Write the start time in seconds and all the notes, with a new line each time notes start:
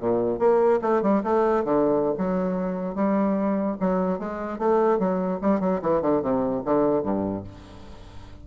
0.00 A#2
0.39 A#3
0.82 A3
1.02 G3
1.24 A3
1.64 D3
2.18 F#3
2.95 G3
3.80 F#3
4.19 G#3
4.59 A3
4.99 F#3
5.42 G3
5.60 F#3
5.82 E3
6.02 D3
6.22 C3
6.65 D3
7.03 G2